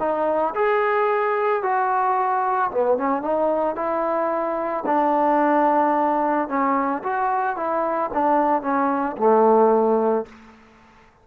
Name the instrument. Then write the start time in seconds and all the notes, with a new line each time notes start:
trombone
0.00 D#4
0.55 G#4
1.63 F#4
2.71 B3
2.98 C#4
3.22 D#4
3.76 E4
4.86 D4
6.49 C#4
7.03 F#4
7.57 E4
8.14 D4
8.62 C#4
9.17 A3